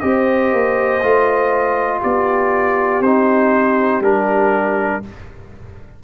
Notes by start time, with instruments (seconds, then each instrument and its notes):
0.00 tuba C4, trombone G4, horn C5, trumpet D#5
0.53 tuba A#3
1.03 tuba A3, trombone F4
2.01 tuba B3, horn G4, trumpet D5
3.01 tuba C4, trombone D#4, trumpet C5
4.00 tuba G3, trombone D4, trumpet A#4